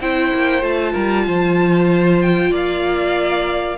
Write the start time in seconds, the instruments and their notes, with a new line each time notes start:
0.00 cello C4, viola E4, violin C5 G5
0.34 cello A#3
0.61 cello A3, viola F4, violin A5
0.92 cello G3, violin A#4
1.27 cello F3, violin C5
2.21 violin G5
2.50 cello A#3, violin D5 F5